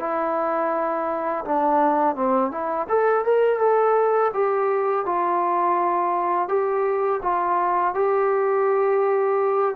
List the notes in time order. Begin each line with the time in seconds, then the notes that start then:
0.00 E4
1.45 D4
2.16 C4
2.52 E4
2.89 A4
3.25 A#4
3.60 A4
4.34 G4
5.06 F4
6.49 G4
7.23 F4
7.95 G4